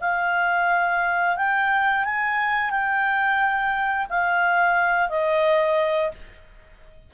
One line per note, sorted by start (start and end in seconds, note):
0.00 1.36 F5
1.36 2.04 G5
2.04 2.70 G#5
2.70 4.07 G5
4.09 5.09 F5
5.09 6.11 D#5